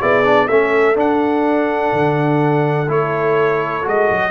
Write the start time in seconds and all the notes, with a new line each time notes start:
0.00 B3 E4 G#4 D5
0.23 D4
0.48 A3 C#4 A4 E5
0.95 D4 F#5
1.93 D3
2.88 A3 E4 C#5
3.82 G#3 F#4 D#5
4.10 F#3